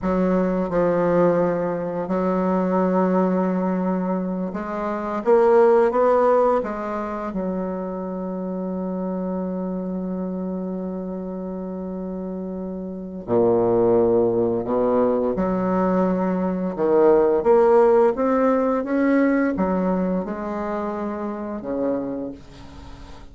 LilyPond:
\new Staff \with { instrumentName = "bassoon" } { \time 4/4 \tempo 4 = 86 fis4 f2 fis4~ | fis2~ fis8 gis4 ais8~ | ais8 b4 gis4 fis4.~ | fis1~ |
fis2. ais,4~ | ais,4 b,4 fis2 | dis4 ais4 c'4 cis'4 | fis4 gis2 cis4 | }